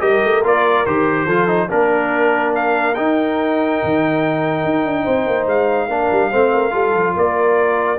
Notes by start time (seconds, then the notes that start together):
0.00 G3 G4 A#4 D#5
0.24 A3
0.44 A#3 F4 D5
0.85 D#3 G4 C5
1.25 F3 F4 A4
1.47 D#4
1.69 A#3 D4 A#4
2.55 F5
2.94 D#4 G5
3.83 D#3
4.64 D#4
4.85 D4
5.03 C4 C5
5.27 A#3
5.46 G#3 F5
5.88 A#3 D4 A#4
6.11 G3
6.30 A3 C4 C5
6.52 A#4
6.71 G3 F4 A4
6.93 F3
7.15 A#3 A#4 D5